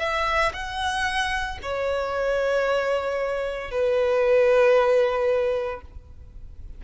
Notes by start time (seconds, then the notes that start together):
0.00 E5
0.54 F#5
1.63 C#5
3.72 B4